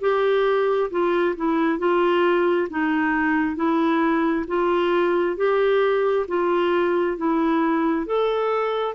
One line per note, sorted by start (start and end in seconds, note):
0.00 0.90 G4
0.90 1.35 F4
1.36 1.78 E4
1.78 2.68 F4
2.69 3.56 D#4
3.56 4.45 E4
4.47 5.36 F4
5.36 6.26 G4
6.28 7.17 F4
7.17 8.06 E4
8.06 8.94 A4